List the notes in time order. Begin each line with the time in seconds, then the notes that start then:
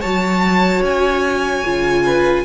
0.00 F#3 F#4 C#5 A5
0.82 C#4 G#5
1.65 C#3 F4
2.06 B4